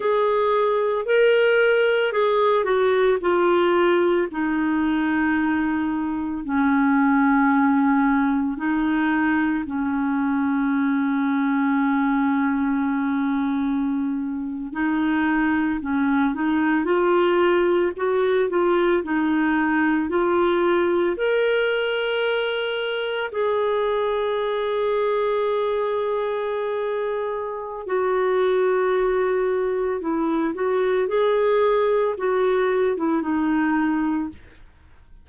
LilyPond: \new Staff \with { instrumentName = "clarinet" } { \time 4/4 \tempo 4 = 56 gis'4 ais'4 gis'8 fis'8 f'4 | dis'2 cis'2 | dis'4 cis'2.~ | cis'4.~ cis'16 dis'4 cis'8 dis'8 f'16~ |
f'8. fis'8 f'8 dis'4 f'4 ais'16~ | ais'4.~ ais'16 gis'2~ gis'16~ | gis'2 fis'2 | e'8 fis'8 gis'4 fis'8. e'16 dis'4 | }